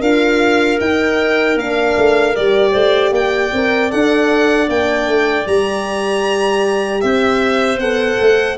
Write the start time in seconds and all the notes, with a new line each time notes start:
0.00 D4 F4 A#4 F5
0.78 D#4 G5
1.56 A#3 D4 F5
1.96 A3
2.34 G3 G4 D5
2.71 A3 C5
3.11 A#3 D5 G5
3.53 C4 A#4
3.90 D4 A4 F#5
4.68 A#3 D4 G5
5.07 A3
5.46 G3 G4 A#5
7.01 C4 C5 E5
7.77 B3 A4 F#5
8.20 A3